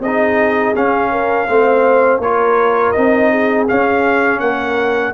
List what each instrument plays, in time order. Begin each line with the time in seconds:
0.00 tuba C4, horn G#4, trumpet D#5
0.06 trombone D#4
0.75 trombone C#4, tuba C#4, trumpet F5
1.11 horn A#4
1.49 tuba A3, trombone C4, horn C5
2.19 tuba A#3, trombone F4, horn A#4, trumpet C#5
2.92 tuba C4, trombone D#4, trumpet D#5
3.30 horn G#4
3.68 trombone C#4, tuba C#4, trumpet F5
4.40 tuba A#3, horn A#4, trumpet F#5